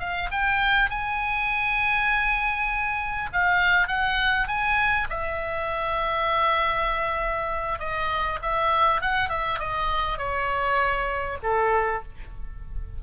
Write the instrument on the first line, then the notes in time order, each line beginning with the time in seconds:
oboe
0.00 F5
0.32 G5
0.91 G#5
3.33 F5
3.88 F#5
4.48 G#5
5.10 E5
7.79 D#5
8.42 E5
9.02 F#5
9.30 E5
9.59 D#5
10.18 C#5
11.43 A4